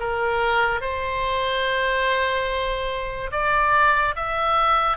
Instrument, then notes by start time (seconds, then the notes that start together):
oboe
0.00 A#4
0.81 C5
3.32 D5
4.16 E5